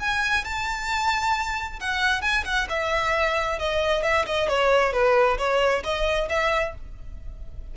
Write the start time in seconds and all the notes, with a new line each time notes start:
0.00 G#5
0.45 A5
1.80 F#5
2.22 G#5
2.45 F#5
2.69 E5
3.59 D#5
4.03 E5
4.26 D#5
4.49 C#5
4.93 B4
5.38 C#5
5.84 D#5
6.30 E5